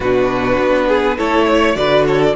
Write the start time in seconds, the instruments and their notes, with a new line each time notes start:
0.00 cello B2, viola D4, violin F#4 B4
0.59 cello B3
0.87 violin G#4
1.17 cello A3, viola E4, violin A4 C#5
1.47 violin C#5
1.75 cello D3, viola F#4, violin B4 D5
2.06 violin A4 C#5
2.21 violin D5